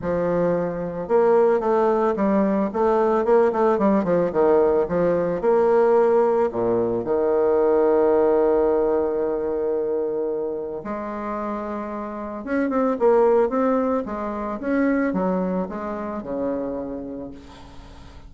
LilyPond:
\new Staff \with { instrumentName = "bassoon" } { \time 4/4 \tempo 4 = 111 f2 ais4 a4 | g4 a4 ais8 a8 g8 f8 | dis4 f4 ais2 | ais,4 dis2.~ |
dis1 | gis2. cis'8 c'8 | ais4 c'4 gis4 cis'4 | fis4 gis4 cis2 | }